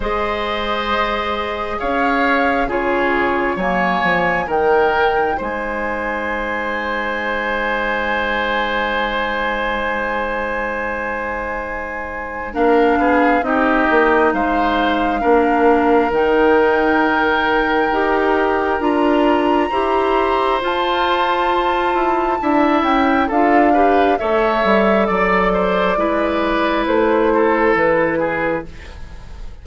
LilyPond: <<
  \new Staff \with { instrumentName = "flute" } { \time 4/4 \tempo 4 = 67 dis''2 f''4 cis''4 | gis''4 g''4 gis''2~ | gis''1~ | gis''2 f''4 dis''4 |
f''2 g''2~ | g''4 ais''2 a''4~ | a''4. g''8 f''4 e''4 | d''2 c''4 b'4 | }
  \new Staff \with { instrumentName = "oboe" } { \time 4/4 c''2 cis''4 gis'4 | cis''4 ais'4 c''2~ | c''1~ | c''2 ais'8 gis'8 g'4 |
c''4 ais'2.~ | ais'2 c''2~ | c''4 e''4 a'8 b'8 cis''4 | d''8 c''8 b'4. a'4 gis'8 | }
  \new Staff \with { instrumentName = "clarinet" } { \time 4/4 gis'2. f'4 | ais4 dis'2.~ | dis'1~ | dis'2 d'4 dis'4~ |
dis'4 d'4 dis'2 | g'4 f'4 g'4 f'4~ | f'4 e'4 f'8 g'8 a'4~ | a'4 e'2. | }
  \new Staff \with { instrumentName = "bassoon" } { \time 4/4 gis2 cis'4 cis4 | fis8 f8 dis4 gis2~ | gis1~ | gis2 ais8 b8 c'8 ais8 |
gis4 ais4 dis2 | dis'4 d'4 e'4 f'4~ | f'8 e'8 d'8 cis'8 d'4 a8 g8 | fis4 gis4 a4 e4 | }
>>